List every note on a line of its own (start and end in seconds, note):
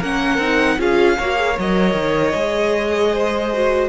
0.00 0.38 A#3
0.00 0.41 C#4
0.00 0.78 A#4
0.00 0.81 F#5
0.38 0.77 C4
0.38 0.79 D#4
0.79 1.18 C#4
0.79 1.18 F4
0.79 1.18 G#4
0.79 1.59 F5
1.18 1.58 A#3
1.18 1.36 F#4
1.18 3.13 C#5
1.36 1.55 G#4
1.58 1.94 F#3
1.58 2.35 A#4
1.58 3.89 D#5
1.94 2.33 D#3
2.35 3.89 G#3
2.35 3.51 G#4
3.13 3.89 C5
3.54 3.89 F#4